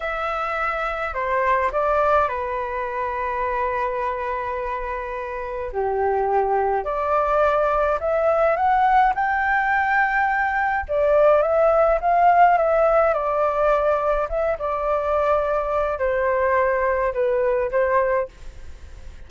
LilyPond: \new Staff \with { instrumentName = "flute" } { \time 4/4 \tempo 4 = 105 e''2 c''4 d''4 | b'1~ | b'2 g'2 | d''2 e''4 fis''4 |
g''2. d''4 | e''4 f''4 e''4 d''4~ | d''4 e''8 d''2~ d''8 | c''2 b'4 c''4 | }